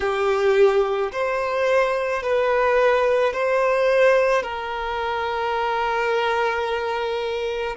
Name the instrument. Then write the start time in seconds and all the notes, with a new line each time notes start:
violin
0.00 G4
1.12 C5
2.22 B4
3.33 C5
4.42 A#4